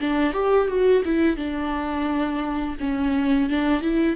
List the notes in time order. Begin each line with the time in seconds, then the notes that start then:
0.00 D4
0.33 G4
0.68 F#4
1.05 E4
1.36 D4
2.80 C#4
3.49 D4
3.81 E4